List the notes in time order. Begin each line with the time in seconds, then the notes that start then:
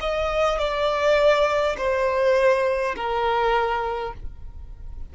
0.00 D#5
0.58 D5
1.78 C5
2.95 A#4